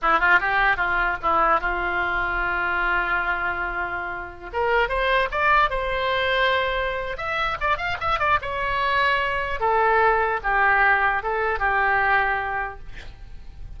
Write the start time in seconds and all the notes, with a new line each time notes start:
0.02 E4
0.19 F4
0.40 G4
0.77 F4
1.22 E4
1.60 F4
4.52 A#4
4.88 C5
5.31 D5
5.70 C5
7.17 E5
7.60 D5
7.77 F5
8.00 E5
8.19 D5
8.41 C#5
9.60 A4
10.43 G4
11.22 A4
11.59 G4